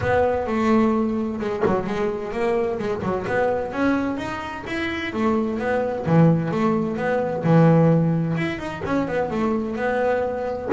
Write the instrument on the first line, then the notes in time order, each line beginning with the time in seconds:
double bass
0.00 B3
0.46 A3
1.40 G#3
1.65 F#3
1.86 G#3
2.32 A#3
2.78 G#3
3.02 F#3
3.27 B3
3.72 C#4
4.17 D#4
4.66 E4
5.13 A3
5.58 B3
6.05 E3
6.51 A3
6.96 B3
7.43 E3
8.36 E4
8.58 D#4
8.85 C#4
9.07 B3
9.30 A3
9.76 B3